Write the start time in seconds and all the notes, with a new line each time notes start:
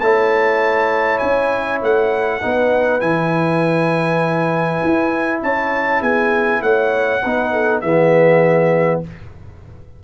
0.00 A3 E4 C#5 A5
1.19 C#4 G#5
1.82 A3 F#5
2.41 B3 D#4 B4
3.00 E3 E4 G#5
4.84 E4
5.42 C#4 C#5 A5
6.01 B3 G#4 G#5
6.62 A3 C#5 F#5
7.23 B3 D#4 B4
7.53 A4
7.81 E3 B3 G#4 E5